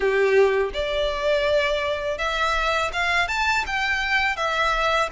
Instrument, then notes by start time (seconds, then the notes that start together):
violin
0.00 G4
0.73 D5
2.18 E5
2.92 F5
3.28 A5
3.66 G5
4.36 E5